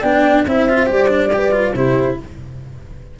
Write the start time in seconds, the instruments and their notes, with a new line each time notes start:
0.00 tuba B3, cello D4, horn D5, flute G5
0.46 tuba C4, cello E4, horn C5, flute E5
0.69 cello F4
0.87 tuba G3, cello G4, flute D5
1.09 cello D4
1.33 cello G4, horn B4
1.52 cello F4
1.74 tuba C3, cello E4, horn G4, flute C5